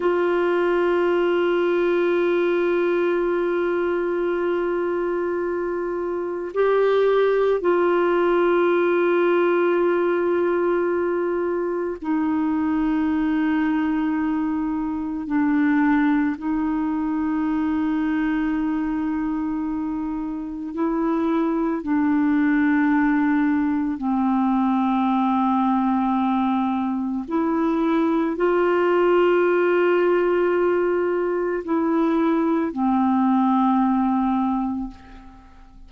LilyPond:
\new Staff \with { instrumentName = "clarinet" } { \time 4/4 \tempo 4 = 55 f'1~ | f'2 g'4 f'4~ | f'2. dis'4~ | dis'2 d'4 dis'4~ |
dis'2. e'4 | d'2 c'2~ | c'4 e'4 f'2~ | f'4 e'4 c'2 | }